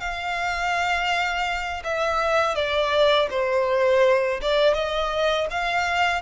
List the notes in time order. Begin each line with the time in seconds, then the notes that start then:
0.00 F5
1.84 E5
2.55 D5
3.31 C5
4.42 D5
4.74 D#5
5.50 F5